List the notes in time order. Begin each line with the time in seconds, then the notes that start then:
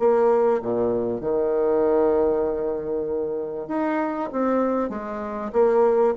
0.00 A#3
0.62 A#2
1.21 D#3
3.68 D#4
4.32 C4
4.90 G#3
5.53 A#3